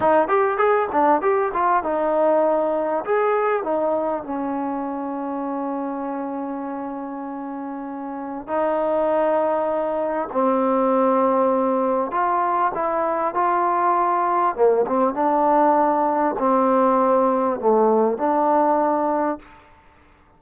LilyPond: \new Staff \with { instrumentName = "trombone" } { \time 4/4 \tempo 4 = 99 dis'8 g'8 gis'8 d'8 g'8 f'8 dis'4~ | dis'4 gis'4 dis'4 cis'4~ | cis'1~ | cis'2 dis'2~ |
dis'4 c'2. | f'4 e'4 f'2 | ais8 c'8 d'2 c'4~ | c'4 a4 d'2 | }